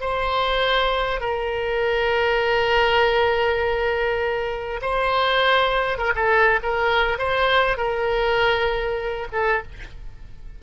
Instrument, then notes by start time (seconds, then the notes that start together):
oboe
0.00 C5
1.20 A#4
4.81 C5
5.98 A#4
6.15 A4
6.62 A#4
7.18 C5
7.77 A#4
9.32 A4